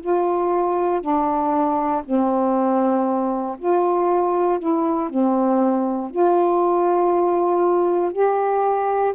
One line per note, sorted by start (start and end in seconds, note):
0.00 1.00 F4
1.00 2.02 D4
2.04 3.56 C4
3.58 4.59 F4
4.59 5.09 E4
5.09 6.10 C4
6.10 8.12 F4
8.12 9.13 G4